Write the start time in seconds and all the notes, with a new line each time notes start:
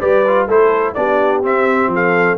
0.00 G3 G4 B4 D5
0.27 F4
0.47 A3 E4 A4 C5
0.93 B3 D4 G4 D5
1.42 C4 E5
1.87 F3
1.93 A4 F5